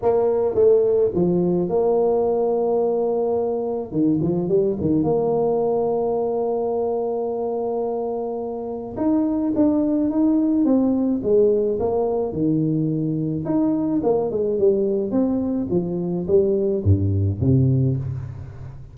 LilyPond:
\new Staff \with { instrumentName = "tuba" } { \time 4/4 \tempo 4 = 107 ais4 a4 f4 ais4~ | ais2. dis8 f8 | g8 dis8 ais2.~ | ais1 |
dis'4 d'4 dis'4 c'4 | gis4 ais4 dis2 | dis'4 ais8 gis8 g4 c'4 | f4 g4 g,4 c4 | }